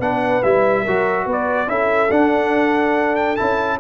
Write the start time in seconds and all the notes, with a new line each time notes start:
0.00 B3 D4 B4 F#5
0.43 G3 E4 E5
0.83 F#3 F#4 A#4
1.26 B3 B4
1.32 D5
1.68 C#4 E4 A4 E5
2.11 D4 F#5
3.16 G5
3.36 C#4 E4 A5